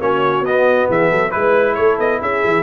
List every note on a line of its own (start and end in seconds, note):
0.00 0.41 A#3
0.00 0.44 C#4
0.00 0.89 F#4
0.00 0.45 C#5
0.41 0.85 B3
0.41 1.31 B3
0.41 0.89 D#5
0.89 1.12 E3
0.89 1.10 G#4
0.89 1.31 E5
1.10 1.34 F#3
1.10 1.32 A4
1.31 1.78 G#3
1.31 2.63 E4
1.31 1.75 B4
1.31 1.77 B4
1.75 1.99 A3
1.75 2.21 A4
1.75 1.97 C#5
1.99 2.21 B3
1.99 2.21 D#5
2.21 2.44 C#4
2.21 2.63 G#4
2.21 2.63 E5
2.45 2.63 E3